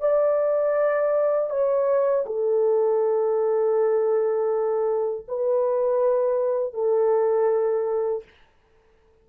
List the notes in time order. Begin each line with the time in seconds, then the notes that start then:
0.00 D5
1.50 C#5
2.26 A4
5.28 B4
6.74 A4